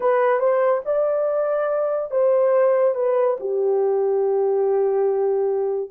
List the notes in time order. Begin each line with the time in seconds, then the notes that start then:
0.00 B4
0.39 C5
0.85 D5
2.10 C5
2.94 B4
3.40 G4